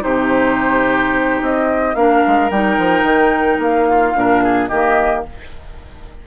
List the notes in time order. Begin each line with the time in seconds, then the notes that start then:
0.00 C3 D#4 G4 C5
1.41 C4 D#5
1.94 A#3 D4 A#4 F5
2.27 G#3
2.50 G3 D#4 G5
2.78 F3
3.03 D#3
3.58 A#3 F5
3.88 F4
4.14 A#2 D4 A#4
4.43 G#4
4.67 D#3 A#3 G4 D#5